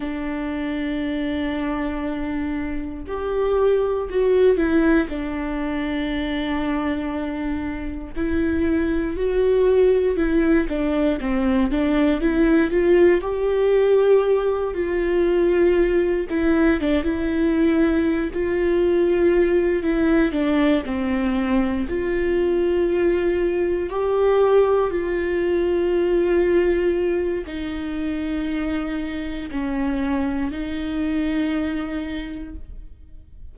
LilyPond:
\new Staff \with { instrumentName = "viola" } { \time 4/4 \tempo 4 = 59 d'2. g'4 | fis'8 e'8 d'2. | e'4 fis'4 e'8 d'8 c'8 d'8 | e'8 f'8 g'4. f'4. |
e'8 d'16 e'4~ e'16 f'4. e'8 | d'8 c'4 f'2 g'8~ | g'8 f'2~ f'8 dis'4~ | dis'4 cis'4 dis'2 | }